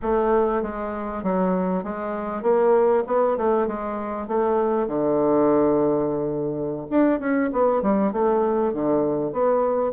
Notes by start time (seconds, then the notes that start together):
0.02 A3
0.62 G#3
1.23 F#3
1.83 G#3
2.42 A#3
3.06 B3
3.37 A3
3.67 G#3
4.27 A3
4.87 D3
6.89 D4
7.19 C#4
7.52 B3
7.82 G3
8.12 A3
8.73 D3
9.32 B3